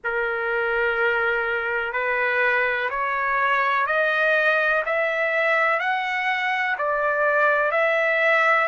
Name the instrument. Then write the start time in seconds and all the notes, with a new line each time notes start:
trumpet
0.04 A#4
1.93 B4
2.90 C#5
3.86 D#5
4.85 E5
5.79 F#5
6.77 D5
7.71 E5